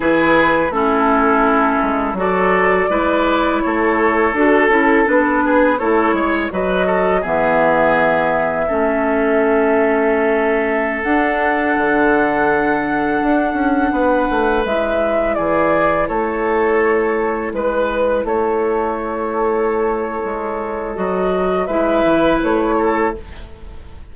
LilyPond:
<<
  \new Staff \with { instrumentName = "flute" } { \time 4/4 \tempo 4 = 83 b'4 a'2 d''4~ | d''4 cis''4 a'4 b'4 | cis''4 dis''4 e''2~ | e''2.~ e''16 fis''8.~ |
fis''1~ | fis''16 e''4 d''4 cis''4.~ cis''16~ | cis''16 b'4 cis''2~ cis''8.~ | cis''4 dis''4 e''4 cis''4 | }
  \new Staff \with { instrumentName = "oboe" } { \time 4/4 gis'4 e'2 a'4 | b'4 a'2~ a'8 gis'8 | a'8 cis''8 b'8 a'8 gis'2 | a'1~ |
a'2.~ a'16 b'8.~ | b'4~ b'16 gis'4 a'4.~ a'16~ | a'16 b'4 a'2~ a'8.~ | a'2 b'4. a'8 | }
  \new Staff \with { instrumentName = "clarinet" } { \time 4/4 e'4 cis'2 fis'4 | e'2 fis'8 e'8 d'4 | e'4 fis'4 b2 | cis'2.~ cis'16 d'8.~ |
d'1~ | d'16 e'2.~ e'8.~ | e'1~ | e'4 fis'4 e'2 | }
  \new Staff \with { instrumentName = "bassoon" } { \time 4/4 e4 a4. gis8 fis4 | gis4 a4 d'8 cis'8 b4 | a8 gis8 fis4 e2 | a2.~ a16 d'8.~ |
d'16 d2 d'8 cis'8 b8 a16~ | a16 gis4 e4 a4.~ a16~ | a16 gis4 a2~ a8. | gis4 fis4 gis8 e8 a4 | }
>>